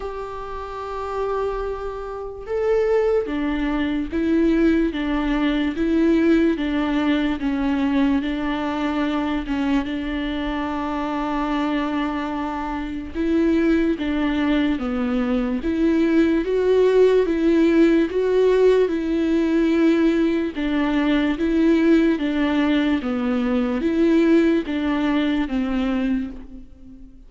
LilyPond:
\new Staff \with { instrumentName = "viola" } { \time 4/4 \tempo 4 = 73 g'2. a'4 | d'4 e'4 d'4 e'4 | d'4 cis'4 d'4. cis'8 | d'1 |
e'4 d'4 b4 e'4 | fis'4 e'4 fis'4 e'4~ | e'4 d'4 e'4 d'4 | b4 e'4 d'4 c'4 | }